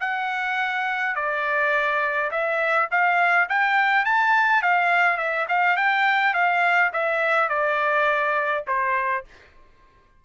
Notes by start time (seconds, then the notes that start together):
0.00 F#5
1.15 D5
2.31 E5
2.91 F5
3.49 G5
4.05 A5
4.62 F5
5.17 E5
5.48 F5
5.76 G5
6.34 F5
6.93 E5
7.49 D5
8.67 C5